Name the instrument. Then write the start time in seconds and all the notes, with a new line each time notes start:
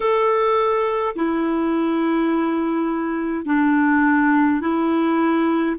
clarinet
0.00 A4
1.15 E4
3.45 D4
4.60 E4